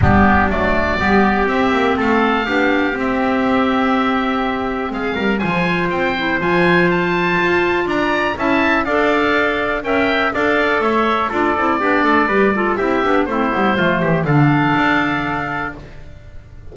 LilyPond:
<<
  \new Staff \with { instrumentName = "oboe" } { \time 4/4 \tempo 4 = 122 g'4 d''2 e''4 | f''2 e''2~ | e''2 f''4 gis''4 | g''4 gis''4 a''2 |
ais''4 a''4 f''2 | g''4 f''4 e''4 d''4~ | d''2 e''4 c''4~ | c''4 f''2. | }
  \new Staff \with { instrumentName = "trumpet" } { \time 4/4 d'2 g'2 | a'4 g'2.~ | g'2 gis'8 ais'8 c''4~ | c''1 |
d''4 e''4 d''2 | e''4 d''4 cis''4 a'4 | g'8 a'8 b'8 a'8 g'4 e'4 | f'8 g'8 a'2. | }
  \new Staff \with { instrumentName = "clarinet" } { \time 4/4 b4 a4 b4 c'4~ | c'4 d'4 c'2~ | c'2. f'4~ | f'8 e'8 f'2.~ |
f'4 e'4 a'2 | ais'4 a'2 f'8 e'8 | d'4 g'8 f'8 e'8 d'8 c'8 b8 | a4 d'2. | }
  \new Staff \with { instrumentName = "double bass" } { \time 4/4 g4 fis4 g4 c'8 ais8 | a4 b4 c'2~ | c'2 gis8 g8 f4 | c'4 f2 f'4 |
d'4 cis'4 d'2 | cis'4 d'4 a4 d'8 c'8 | b8 a8 g4 c'8 b8 a8 g8 | f8 e8 d4 d'2 | }
>>